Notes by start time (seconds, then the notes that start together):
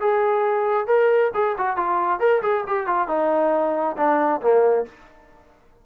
0.00 G#4
0.87 A#4
1.34 G#4
1.58 F#4
1.76 F4
2.20 A#4
2.42 G#4
2.67 G4
2.87 F4
3.08 D#4
3.97 D4
4.41 A#3